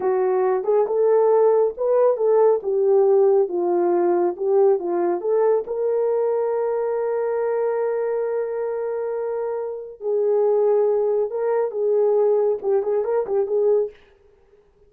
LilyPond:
\new Staff \with { instrumentName = "horn" } { \time 4/4 \tempo 4 = 138 fis'4. gis'8 a'2 | b'4 a'4 g'2 | f'2 g'4 f'4 | a'4 ais'2.~ |
ais'1~ | ais'2. gis'4~ | gis'2 ais'4 gis'4~ | gis'4 g'8 gis'8 ais'8 g'8 gis'4 | }